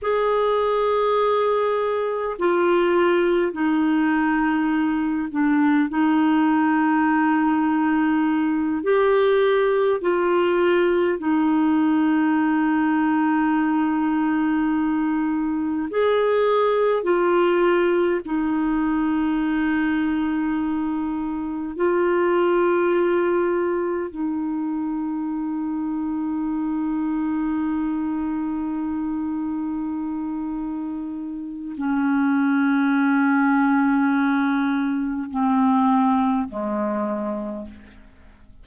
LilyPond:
\new Staff \with { instrumentName = "clarinet" } { \time 4/4 \tempo 4 = 51 gis'2 f'4 dis'4~ | dis'8 d'8 dis'2~ dis'8 g'8~ | g'8 f'4 dis'2~ dis'8~ | dis'4. gis'4 f'4 dis'8~ |
dis'2~ dis'8 f'4.~ | f'8 dis'2.~ dis'8~ | dis'2. cis'4~ | cis'2 c'4 gis4 | }